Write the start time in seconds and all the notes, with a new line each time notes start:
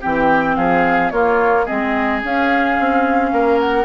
0.00 E3 C4 G4 G5
0.56 F3 G#4 F5
1.10 A#3 F4 C#5
1.65 G#3 C4 G#4 D#5
2.22 C#4 F5
2.79 C4
3.32 A#3 A#4
3.60 F#5